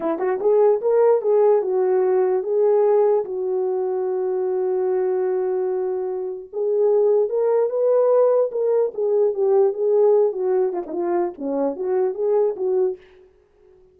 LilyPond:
\new Staff \with { instrumentName = "horn" } { \time 4/4 \tempo 4 = 148 e'8 fis'8 gis'4 ais'4 gis'4 | fis'2 gis'2 | fis'1~ | fis'1 |
gis'2 ais'4 b'4~ | b'4 ais'4 gis'4 g'4 | gis'4. fis'4 f'16 dis'16 f'4 | cis'4 fis'4 gis'4 fis'4 | }